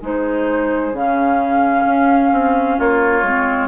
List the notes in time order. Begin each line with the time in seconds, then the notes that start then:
0.00 G#3 D#4 G#4 C5
0.92 C#3 C#4 F5
1.85 C#4
2.32 C4
2.76 A#3 F4 C#5
3.23 G#3 C4